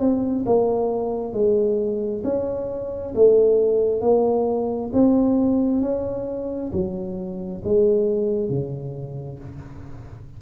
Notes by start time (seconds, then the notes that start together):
0.00 C4
0.46 A#3
1.33 G#3
2.24 C#4
3.15 A3
4.01 A#3
4.93 C4
5.81 C#4
6.72 F#3
7.64 G#3
8.49 C#3